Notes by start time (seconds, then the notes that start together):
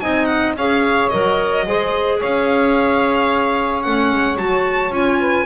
0.00 C4 D#4 D#5 G#5
0.25 F#5
0.56 C#4 G#4 C#5 F5
1.09 F#3 A#4 D#5
1.66 G#3 G#4 C5
2.19 C#4 C#5 F5
3.82 A3 C#4 F#5
4.11 G#3
4.36 F#3 F#4 A5
4.89 C#4 F4 G#5
5.19 B4